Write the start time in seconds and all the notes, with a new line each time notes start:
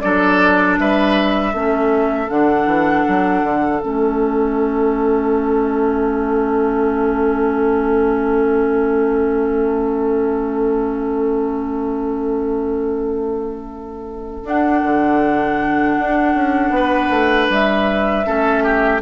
0.00 F#3 D4 A4 D5
0.79 G3 B4 E5
1.53 A3 C#4 A4
2.28 D3 D4 F#5
2.65 E3
3.08 F#3
3.42 D3
3.79 A3 C#4 E5
14.44 D4 F#5
14.83 D3
15.99 D4
16.34 C#4
16.70 B3 B4
17.10 A3
17.49 G3 E5
18.25 A3 C#4 A4
18.63 G4